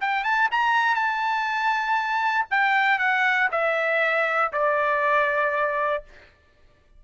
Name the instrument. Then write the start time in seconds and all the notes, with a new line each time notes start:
trumpet
0.00 G5
0.24 A5
0.51 A#5
0.95 A5
2.50 G5
2.98 F#5
3.51 E5
4.52 D5